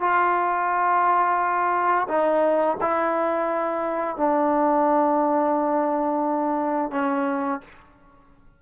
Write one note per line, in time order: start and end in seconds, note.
0.00 2.07 F4
2.08 2.76 D#4
2.81 4.17 E4
4.17 6.91 D4
6.91 7.60 C#4